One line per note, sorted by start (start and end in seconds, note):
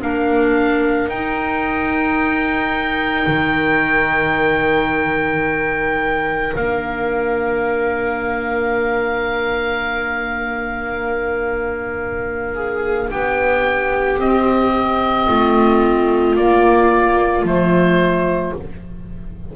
0.00 1.08 A#3
0.00 1.09 D4
0.00 12.55 A#4
0.00 1.09 F5
1.08 3.26 D#4
1.08 6.57 D#4
1.08 6.55 G5
3.27 6.54 D#3
6.56 13.11 A#3
6.56 14.19 D4
6.56 13.10 F5
12.55 13.09 G#4
13.11 14.18 B3
13.11 15.28 G4
13.11 14.20 G5
14.18 15.27 C4
14.18 16.37 C4
14.18 16.36 D#5
15.28 16.37 A3
15.28 18.56 F4
16.36 17.43 A#3
16.36 17.45 A#3
16.36 17.45 D5
17.43 18.52 F3
17.43 18.54 A3
17.43 18.55 C5